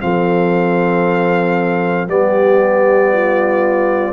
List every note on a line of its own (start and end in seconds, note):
0.00 2.07 F3
0.00 2.07 C4
0.00 2.09 A4
0.00 2.08 F5
2.07 4.12 G3
2.07 4.12 B3
2.07 3.12 G4
2.07 4.12 D5
3.12 4.12 F4